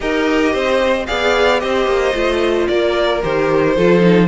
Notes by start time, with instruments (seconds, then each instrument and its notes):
0.00 cello D#4, viola G4, violin A#4 D#5
0.52 cello C4, violin C5
1.06 cello B3, viola G#4, violin D5 F5
1.59 cello C4, viola G4, violin C5 D#5
1.86 cello A#3
2.14 cello A3, viola F4
2.67 cello A#3, violin A#4 D5
3.22 cello D#3, viola G4, violin C5
3.76 cello F3, viola F4, violin A4
4.00 viola D#4